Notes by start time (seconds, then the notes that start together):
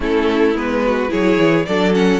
0.00 A3 C#4 E4 A4
0.54 G#3 B3 B4
0.85 F#4
1.08 F#3 E4 G#4 C#5
1.38 E3
1.65 F#3 D4 A4 D5
1.93 C#4 F#5